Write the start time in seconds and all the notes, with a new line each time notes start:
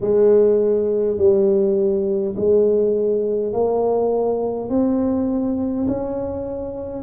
0.00 G#3
1.17 G3
2.36 G#3
3.52 A#3
4.69 C4
5.87 C#4